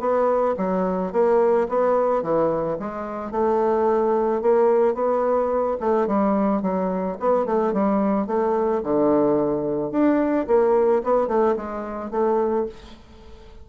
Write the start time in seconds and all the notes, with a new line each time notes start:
0.00 B3
0.57 F#3
1.13 A#3
1.69 B3
2.22 E3
2.79 G#3
3.32 A3
4.42 A#3
4.95 B3
5.80 A3
6.07 G3
6.62 F#3
7.20 B3
7.46 A3
7.73 G3
8.27 A3
8.83 D3
9.91 D4
10.47 A#3
11.04 B3
11.28 A3
11.57 G#3
12.11 A3